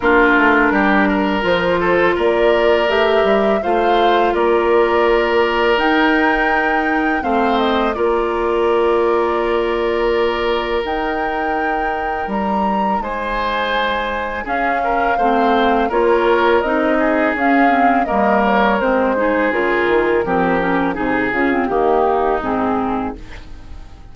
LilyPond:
<<
  \new Staff \with { instrumentName = "flute" } { \time 4/4 \tempo 4 = 83 ais'2 c''4 d''4 | e''4 f''4 d''2 | g''2 f''8 dis''8 d''4~ | d''2. g''4~ |
g''4 ais''4 gis''2 | f''2 cis''4 dis''4 | f''4 dis''8 cis''8 c''4 ais'4~ | ais'4 gis'8 f'8 g'4 gis'4 | }
  \new Staff \with { instrumentName = "oboe" } { \time 4/4 f'4 g'8 ais'4 a'8 ais'4~ | ais'4 c''4 ais'2~ | ais'2 c''4 ais'4~ | ais'1~ |
ais'2 c''2 | gis'8 ais'8 c''4 ais'4. gis'8~ | gis'4 ais'4. gis'4. | g'4 gis'4 dis'2 | }
  \new Staff \with { instrumentName = "clarinet" } { \time 4/4 d'2 f'2 | g'4 f'2. | dis'2 c'4 f'4~ | f'2. dis'4~ |
dis'1 | cis'4 c'4 f'4 dis'4 | cis'8 c'8 ais4 c'8 dis'8 f'4 | c'8 cis'8 dis'8 cis'16 c'16 ais4 c'4 | }
  \new Staff \with { instrumentName = "bassoon" } { \time 4/4 ais8 a8 g4 f4 ais4 | a8 g8 a4 ais2 | dis'2 a4 ais4~ | ais2. dis'4~ |
dis'4 g4 gis2 | cis'4 a4 ais4 c'4 | cis'4 g4 gis4 cis8 dis8 | f4 c8 cis8 dis4 gis,4 | }
>>